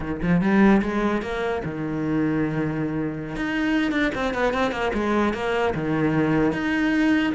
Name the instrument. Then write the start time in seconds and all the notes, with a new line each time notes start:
cello
0.00 D#3
0.22 F3
0.41 G3
0.82 G#3
1.22 A#3
1.65 D#3
3.35 D#4
3.91 D4
4.14 C4
4.33 B3
4.53 C4
4.71 A#3
4.93 G#3
5.33 A#3
5.74 D#3
6.52 D#4